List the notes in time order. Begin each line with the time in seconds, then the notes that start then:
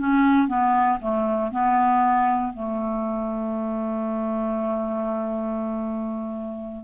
0.00 C#4
0.49 B3
1.01 A3
1.52 B3
2.54 A3